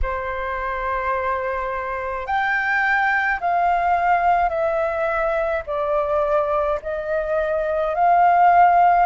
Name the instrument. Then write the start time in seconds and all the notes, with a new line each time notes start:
flute
0.02 C5
2.26 G5
3.40 F5
4.49 E5
5.66 D5
6.82 D#5
7.95 F5